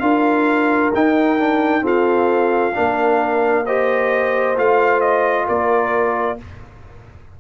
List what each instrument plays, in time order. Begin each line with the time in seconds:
0.00 tuba D4, trombone F4, horn A#4, trumpet F5
0.94 tuba D#4, trombone D#4, trumpet G5
1.39 trombone D4
1.81 trombone C4, tuba F4, horn A4, trumpet F5
2.75 tuba A#3, trombone D4, horn A#4
3.66 trombone G4, horn C5, trumpet D#5
4.56 tuba A3, trombone F4, trumpet F5
5.01 trumpet D#5
5.47 tuba A#3, horn A#4, trumpet D5